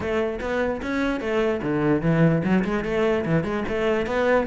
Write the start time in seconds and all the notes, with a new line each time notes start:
0.00 A3
0.40 B3
0.82 C#4
1.20 A3
1.62 D3
2.01 E3
2.43 F#3
2.64 G#3
2.84 A3
3.25 E3
3.43 G#3
3.68 A3
4.06 B3